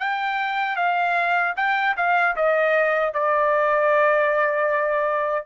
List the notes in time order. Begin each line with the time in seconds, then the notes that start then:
0.00 G5
0.77 F5
1.57 G5
1.97 F5
2.36 D#5
3.14 D5